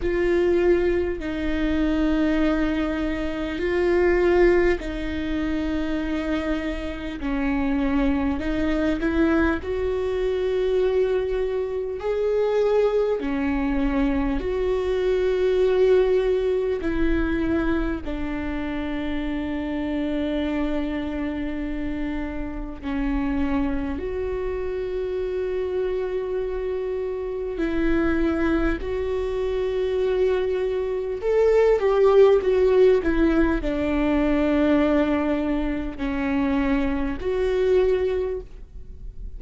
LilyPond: \new Staff \with { instrumentName = "viola" } { \time 4/4 \tempo 4 = 50 f'4 dis'2 f'4 | dis'2 cis'4 dis'8 e'8 | fis'2 gis'4 cis'4 | fis'2 e'4 d'4~ |
d'2. cis'4 | fis'2. e'4 | fis'2 a'8 g'8 fis'8 e'8 | d'2 cis'4 fis'4 | }